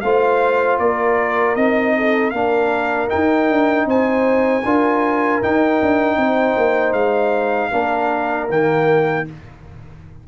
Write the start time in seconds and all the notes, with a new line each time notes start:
0.00 A3 F4 C5 F5
0.79 A#3 A#4 D5
1.55 C4 D#4 D#5
1.96 A4
2.30 A#3 D4 A#4 F5
3.08 D#4 G5
3.14 D#4
3.50 D4
3.85 C4 C5 G#5
4.63 D4 F4 A#4
5.42 D#4 G5
5.82 D4
6.16 C4 C5
6.56 A#3
6.92 G#3 F5
7.71 A#3 D4 A#4
8.49 D#3 A#3 G5